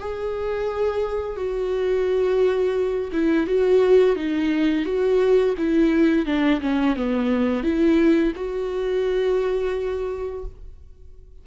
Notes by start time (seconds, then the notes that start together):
0.00 G#4
1.37 F#4
3.13 E4
3.47 F#4
4.16 D#4
4.85 F#4
5.58 E4
6.26 D4
6.61 C#4
6.96 B3
7.63 E4
8.36 F#4